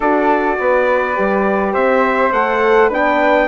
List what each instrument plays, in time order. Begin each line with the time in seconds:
0.00 bassoon D4, horn F#4, flute A4, trumpet D5
0.59 bassoon B3, flute B4
1.15 bassoon G3, horn G4
1.72 bassoon C4, flute C5, trumpet E5
2.32 bassoon A3, horn A4, trumpet F#5
2.89 bassoon B3, horn D4, flute B4, trumpet G5